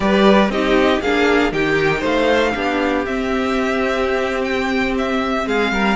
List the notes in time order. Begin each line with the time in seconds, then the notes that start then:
0.00 G3 G4 B4 D5
0.48 C4 D#4 G4 D#5
1.01 A#3 D4 G#4 F5
1.51 D#3 D#4 G4 G5
1.99 A3 C5 F5
2.53 B3 D4 G4
3.05 C4 E5
4.43 G5
4.98 E5
5.46 G#3 G#4 F5
5.71 G3 A#4